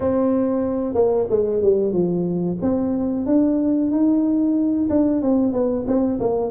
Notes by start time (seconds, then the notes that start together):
0.00 C4
0.94 A#3
1.30 G#3
1.62 G3
1.92 F3
2.61 C4
3.26 D4
3.91 D#4
4.89 D4
5.22 C4
5.53 B3
5.87 C4
6.20 A#3